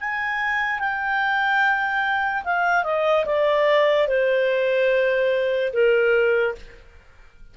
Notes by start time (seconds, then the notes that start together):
0.00 G#5
0.79 G5
2.44 F5
2.84 D#5
3.25 D5
4.08 C5
5.73 A#4